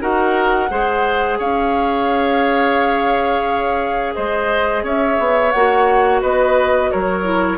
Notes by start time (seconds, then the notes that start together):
0.00 D#4 F#4 A#4 F#5
0.69 G#3 G#4 C5
1.38 C#4 C#5 F5
4.15 G#3 C5 D#5
4.83 C#4 C#5 E5
5.19 B3
5.51 A#3 F#4 F#5
6.21 B3 B4 D#5
6.91 F#3 A#4 C#5
7.23 E4